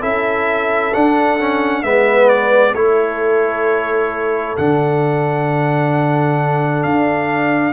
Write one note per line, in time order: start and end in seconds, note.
0.00 0.94 C#4
0.00 0.92 E4
0.00 1.82 A4
0.00 0.93 E5
0.94 1.39 D4
0.94 1.83 D4
0.94 1.83 F#5
1.39 1.83 C#4
1.83 2.73 G#3
1.83 2.74 B3
1.83 2.75 B4
1.83 2.28 E5
2.28 2.74 D5
2.73 4.55 A3
2.73 4.57 E4
2.73 7.73 A4
2.73 4.56 C#5
4.57 6.85 D3
4.57 7.73 D4
4.57 6.83 F#5
6.83 7.73 D4
6.83 7.73 F5